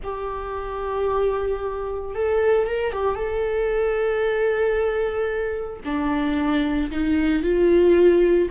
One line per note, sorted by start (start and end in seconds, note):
0.03 2.14 G4
2.14 2.67 A4
2.67 2.92 A#4
2.92 3.15 G4
3.15 5.80 A4
5.84 6.91 D4
6.91 7.42 D#4
7.42 8.49 F4